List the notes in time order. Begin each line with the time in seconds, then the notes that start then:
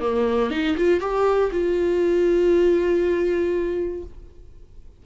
0.00 A#3
0.50 D#4
0.77 F4
1.00 G4
1.51 F4